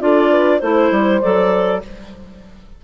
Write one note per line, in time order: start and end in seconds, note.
0.00 0.61 D4
0.00 0.60 F4
0.00 0.30 A4
0.00 0.60 D5
0.30 0.60 B4
0.60 0.91 A3
0.60 1.22 E4
0.60 1.20 C5
0.60 1.83 C5
0.91 1.21 G3
1.21 1.84 F#3
1.21 1.82 A4
1.21 1.81 D5